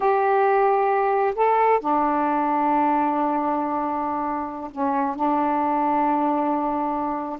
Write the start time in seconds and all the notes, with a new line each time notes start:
0.00 G4
1.35 A4
1.80 D4
4.71 C#4
5.15 D4